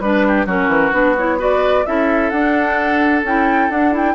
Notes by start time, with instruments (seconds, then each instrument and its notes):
0.00 bassoon G3, clarinet D4, flute B4, oboe B4
0.27 oboe G4
0.46 bassoon F#3, clarinet C#4, oboe F#4, flute A#4
0.67 bassoon E3
0.92 bassoon B3, clarinet D4, flute B4
1.17 clarinet E4, flute C#5
1.38 clarinet F#4, oboe B4, flute D5
1.86 bassoon C#4, clarinet E4, oboe A4, flute E5
2.30 bassoon D4, clarinet D4, flute F#5
3.23 bassoon C#4, clarinet E4, flute G5
3.69 bassoon D4, clarinet D4, flute F#5
3.91 clarinet E4, flute G5